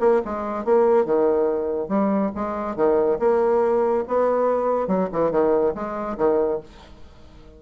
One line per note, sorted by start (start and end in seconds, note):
0.00 0.21 A#3
0.25 0.65 G#3
0.65 1.05 A#3
1.05 1.88 D#3
1.88 2.31 G3
2.35 2.76 G#3
2.76 3.18 D#3
3.19 4.04 A#3
4.07 4.88 B3
4.88 5.09 F#3
5.12 5.31 E3
5.31 5.74 D#3
5.74 6.17 G#3
6.17 6.60 D#3